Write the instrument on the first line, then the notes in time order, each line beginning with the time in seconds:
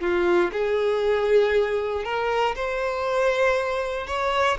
violin
0.00 F4
0.52 G#4
2.04 A#4
2.55 C5
4.07 C#5